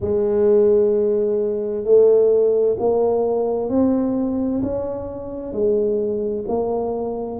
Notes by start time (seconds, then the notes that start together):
0.00 G#3
1.84 A3
2.79 A#3
3.69 C4
4.62 C#4
5.52 G#3
6.47 A#3